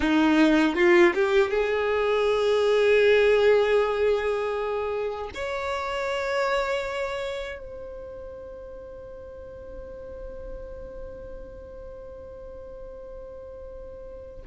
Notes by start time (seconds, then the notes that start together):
0.00 D#4
0.75 F4
1.14 G4
1.50 G#4
5.34 C#5
7.58 C5